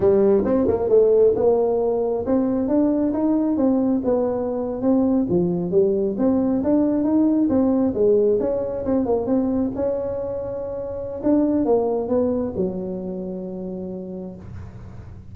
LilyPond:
\new Staff \with { instrumentName = "tuba" } { \time 4/4 \tempo 4 = 134 g4 c'8 ais8 a4 ais4~ | ais4 c'4 d'4 dis'4 | c'4 b4.~ b16 c'4 f16~ | f8. g4 c'4 d'4 dis'16~ |
dis'8. c'4 gis4 cis'4 c'16~ | c'16 ais8 c'4 cis'2~ cis'16~ | cis'4 d'4 ais4 b4 | fis1 | }